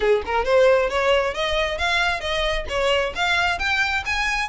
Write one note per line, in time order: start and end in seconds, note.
0.00 0.22 G#4
0.25 0.44 A#4
0.44 0.89 C5
0.89 1.34 C#5
1.34 1.77 D#5
1.77 2.20 F5
2.20 2.65 D#5
2.68 3.13 C#5
3.15 3.58 F5
3.58 4.03 G5
4.05 4.49 G#5